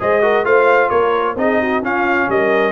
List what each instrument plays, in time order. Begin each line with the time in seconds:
0.00 tuba G#3, trombone G#4, horn C5, trumpet D#5
0.22 trombone F#4, horn A#4
0.44 tuba A3, trombone F4, horn C5, trumpet F5
0.90 tuba A#3, horn A#4, trumpet C#5
1.36 tuba C4, trombone D#4, horn G#4, trumpet D#5
1.60 horn F#4
1.82 tuba C#4, trombone C#4, horn F4, trumpet F5
2.28 tuba G3, horn A#4, trumpet D#5